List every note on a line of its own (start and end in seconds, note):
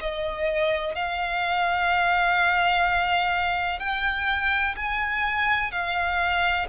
0.00 0.95 D#5
0.95 3.80 F5
3.80 4.75 G5
4.76 5.71 G#5
5.71 6.67 F5